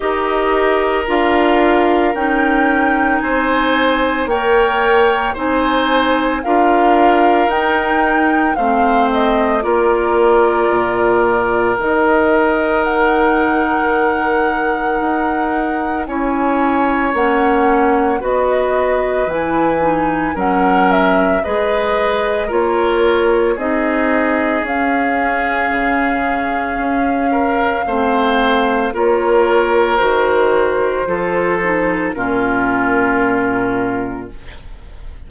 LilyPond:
<<
  \new Staff \with { instrumentName = "flute" } { \time 4/4 \tempo 4 = 56 dis''4 f''4 g''4 gis''4 | g''4 gis''4 f''4 g''4 | f''8 dis''8 d''2 dis''4 | fis''2. gis''4 |
fis''4 dis''4 gis''4 fis''8 e''8 | dis''4 cis''4 dis''4 f''4~ | f''2. cis''4 | c''2 ais'2 | }
  \new Staff \with { instrumentName = "oboe" } { \time 4/4 ais'2. c''4 | cis''4 c''4 ais'2 | c''4 ais'2.~ | ais'2. cis''4~ |
cis''4 b'2 ais'4 | b'4 ais'4 gis'2~ | gis'4. ais'8 c''4 ais'4~ | ais'4 a'4 f'2 | }
  \new Staff \with { instrumentName = "clarinet" } { \time 4/4 g'4 f'4 dis'2 | ais'4 dis'4 f'4 dis'4 | c'4 f'2 dis'4~ | dis'2. e'4 |
cis'4 fis'4 e'8 dis'8 cis'4 | gis'4 f'4 dis'4 cis'4~ | cis'2 c'4 f'4 | fis'4 f'8 dis'8 cis'2 | }
  \new Staff \with { instrumentName = "bassoon" } { \time 4/4 dis'4 d'4 cis'4 c'4 | ais4 c'4 d'4 dis'4 | a4 ais4 ais,4 dis4~ | dis2 dis'4 cis'4 |
ais4 b4 e4 fis4 | gis4 ais4 c'4 cis'4 | cis4 cis'4 a4 ais4 | dis4 f4 ais,2 | }
>>